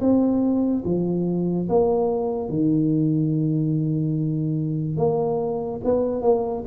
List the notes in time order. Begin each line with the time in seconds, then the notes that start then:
0.00 C4
0.84 F3
1.68 A#3
2.48 D#3
4.97 A#3
5.84 B3
6.22 A#3